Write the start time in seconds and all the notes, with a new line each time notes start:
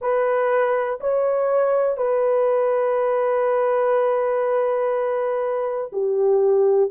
0.01 B4
1.00 C#5
1.97 B4
5.92 G4